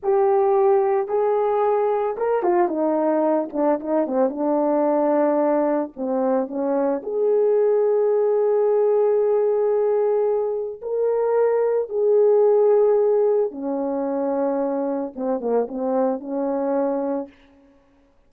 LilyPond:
\new Staff \with { instrumentName = "horn" } { \time 4/4 \tempo 4 = 111 g'2 gis'2 | ais'8 f'8 dis'4. d'8 dis'8 c'8 | d'2. c'4 | cis'4 gis'2.~ |
gis'1 | ais'2 gis'2~ | gis'4 cis'2. | c'8 ais8 c'4 cis'2 | }